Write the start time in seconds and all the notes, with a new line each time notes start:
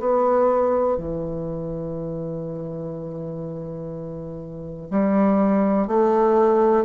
0.00 B3
0.97 E3
4.91 G3
5.88 A3